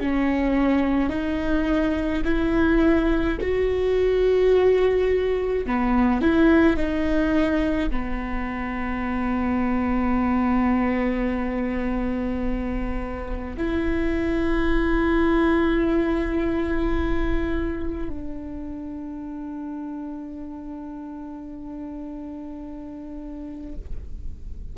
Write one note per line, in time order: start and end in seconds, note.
0.00 1.10 C#4
1.10 2.23 D#4
2.25 3.38 E4
3.42 5.67 F#4
5.67 6.22 B3
6.22 6.77 E4
6.77 7.90 D#4
7.90 13.56 B3
13.57 18.10 E4
18.10 23.76 D4